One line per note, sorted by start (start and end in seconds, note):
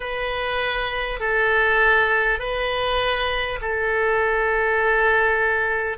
0.00 1.19 B4
1.19 2.39 A4
2.39 3.59 B4
3.61 5.97 A4